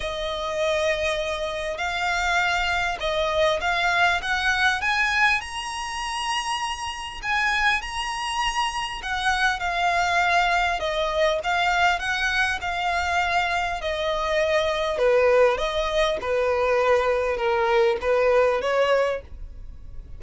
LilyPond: \new Staff \with { instrumentName = "violin" } { \time 4/4 \tempo 4 = 100 dis''2. f''4~ | f''4 dis''4 f''4 fis''4 | gis''4 ais''2. | gis''4 ais''2 fis''4 |
f''2 dis''4 f''4 | fis''4 f''2 dis''4~ | dis''4 b'4 dis''4 b'4~ | b'4 ais'4 b'4 cis''4 | }